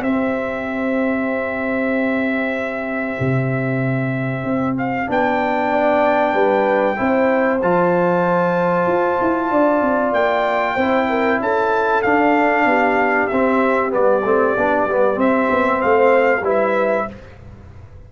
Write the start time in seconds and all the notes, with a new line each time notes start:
0.00 C4 G4 E5
3.20 C3
4.44 C4
4.78 F5
5.07 B3 D4 G5
5.70 D5
6.34 G3 B4
6.97 C4 E4 C5
7.62 F3 F4 A5
8.87 F4
9.21 E4
9.51 D4 D5
9.82 C4
10.12 A#3 G5
10.75 C4 E4 C5
11.09 A#4
11.40 C#4 A4 A5
12.02 D4 F5
12.65 B3 G4
13.28 C4 E5
13.90 G3 B3 D5
14.25 A3 C4
14.57 B3 D4
14.86 G3 B3
15.15 C4 E5
15.50 B3
15.81 A3 C5 F5
16.41 G3 E4 B4
16.49 E5